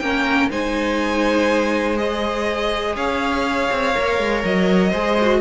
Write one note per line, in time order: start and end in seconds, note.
0.00 0.50 A#3
0.00 0.51 C#4
0.00 0.51 A#4
0.00 0.49 G5
0.51 2.96 G#3
0.51 1.97 D#4
0.51 2.97 C5
0.51 1.98 G#5
1.97 3.94 G#4
1.97 2.96 D#5
2.96 3.70 C#4
2.96 4.91 C#5
2.96 4.44 F5
3.71 3.96 C4
3.95 4.19 A#3
3.95 4.94 A#4
4.19 4.44 G#3
4.45 4.94 F#3
4.45 5.42 D#5
4.91 5.42 G#3
4.91 5.19 G#4
4.91 5.40 C5
5.22 5.42 F#4